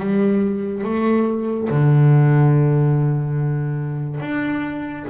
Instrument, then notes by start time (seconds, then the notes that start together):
double bass
0.00 G3
0.84 A3
1.69 D3
4.20 D4